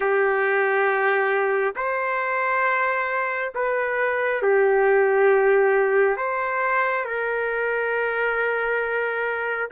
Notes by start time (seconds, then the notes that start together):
0.00 G4
1.76 C5
3.54 B4
4.42 G4
6.16 C5
7.05 A#4